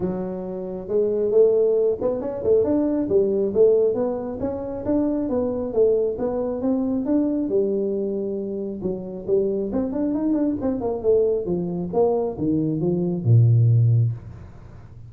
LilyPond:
\new Staff \with { instrumentName = "tuba" } { \time 4/4 \tempo 4 = 136 fis2 gis4 a4~ | a8 b8 cis'8 a8 d'4 g4 | a4 b4 cis'4 d'4 | b4 a4 b4 c'4 |
d'4 g2. | fis4 g4 c'8 d'8 dis'8 d'8 | c'8 ais8 a4 f4 ais4 | dis4 f4 ais,2 | }